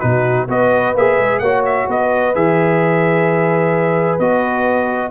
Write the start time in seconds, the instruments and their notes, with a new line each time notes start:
0.00 tuba B2, trombone D#4, horn F#4, trumpet B4
0.48 tuba B3, trombone F#4, horn B4, trumpet D#5
0.95 tuba A#3, trombone G#4, trumpet E5
1.18 tuba G#3
1.39 tuba A#3, trombone F#4, horn C#5, trumpet F#5
1.65 trumpet E5
1.87 tuba B3, horn B4, trumpet D#5
2.35 tuba E3, trombone G#4, trumpet E5
4.19 tuba B3, trombone F#4, trumpet D#5